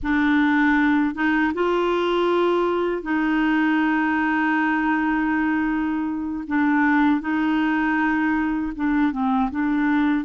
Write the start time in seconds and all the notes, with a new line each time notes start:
0.02 D4
1.14 D#4
1.54 F4
3.02 D#4
6.47 D4
7.20 D#4
8.75 D4
9.11 C4
9.50 D4